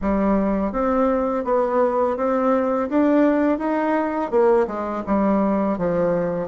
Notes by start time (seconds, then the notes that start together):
0.01 G3
0.72 C4
1.44 B3
2.17 C4
2.89 D4
3.58 D#4
4.30 A#3
4.67 G#3
5.06 G3
5.78 F3